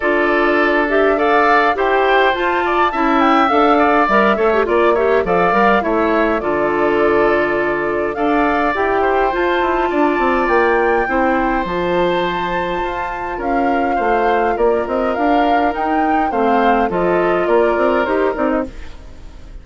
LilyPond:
<<
  \new Staff \with { instrumentName = "flute" } { \time 4/4 \tempo 4 = 103 d''4. e''8 f''4 g''4 | a''4. g''8 f''4 e''4 | d''8 e''8 f''4 e''4 d''4~ | d''2 f''4 g''4 |
a''2 g''2 | a''2. f''4~ | f''4 d''8 dis''8 f''4 g''4 | f''4 dis''4 d''4 c''8 d''16 dis''16 | }
  \new Staff \with { instrumentName = "oboe" } { \time 4/4 a'2 d''4 c''4~ | c''8 d''8 e''4. d''4 cis''8 | d''8 cis''8 d''4 cis''4 a'4~ | a'2 d''4. c''8~ |
c''4 d''2 c''4~ | c''2. ais'4 | c''4 ais'2. | c''4 a'4 ais'2 | }
  \new Staff \with { instrumentName = "clarinet" } { \time 4/4 f'4. g'8 a'4 g'4 | f'4 e'4 a'4 ais'8 a'16 g'16 | f'8 g'8 a'8 ais'8 e'4 f'4~ | f'2 a'4 g'4 |
f'2. e'4 | f'1~ | f'2. dis'4 | c'4 f'2 g'8 dis'8 | }
  \new Staff \with { instrumentName = "bassoon" } { \time 4/4 d'2. e'4 | f'4 cis'4 d'4 g8 a8 | ais4 f8 g8 a4 d4~ | d2 d'4 e'4 |
f'8 e'8 d'8 c'8 ais4 c'4 | f2 f'4 cis'4 | a4 ais8 c'8 d'4 dis'4 | a4 f4 ais8 c'8 dis'8 c'8 | }
>>